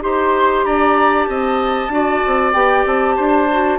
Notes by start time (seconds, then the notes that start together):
0.00 D#4 G4 C5 C6
0.65 D4 D5 A#5
1.24 C4 D#5 A5
1.88 D4 F#4 D5
2.26 C4
2.53 B3 G4 G5
2.85 C4 A5
3.16 D4 C5
3.51 F#4